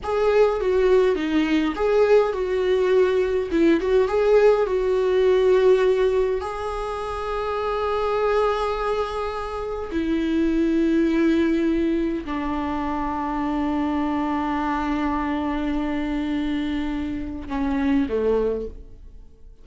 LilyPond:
\new Staff \with { instrumentName = "viola" } { \time 4/4 \tempo 4 = 103 gis'4 fis'4 dis'4 gis'4 | fis'2 e'8 fis'8 gis'4 | fis'2. gis'4~ | gis'1~ |
gis'4 e'2.~ | e'4 d'2.~ | d'1~ | d'2 cis'4 a4 | }